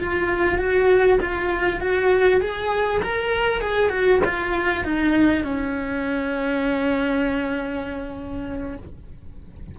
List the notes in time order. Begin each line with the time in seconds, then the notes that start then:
0.00 F4
0.59 F#4
1.21 F4
1.81 F#4
2.41 G#4
3.03 A#4
3.62 G#4
3.90 F#4
4.25 F4
4.85 D#4
5.44 C#4